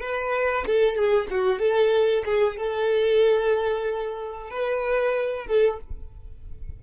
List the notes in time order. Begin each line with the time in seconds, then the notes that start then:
0.00 B4
0.66 A4
0.96 G#4
1.30 F#4
1.59 A4
2.25 G#4
2.57 A4
4.50 B4
5.47 A4